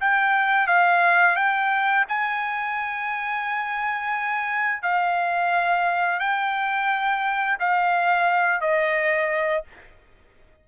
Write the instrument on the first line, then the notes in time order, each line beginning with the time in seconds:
trumpet
0.00 G5
0.66 F5
1.35 G5
2.08 G#5
4.82 F5
6.19 G5
7.59 F5
8.60 D#5